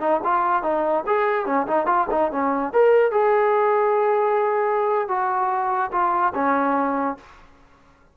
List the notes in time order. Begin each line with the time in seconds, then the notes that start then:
0.00 D#4
0.24 F4
0.63 D#4
1.07 G#4
1.46 C#4
1.67 D#4
1.86 F4
2.11 D#4
2.32 C#4
2.73 A#4
3.12 G#4
5.08 F#4
5.92 F4
6.35 C#4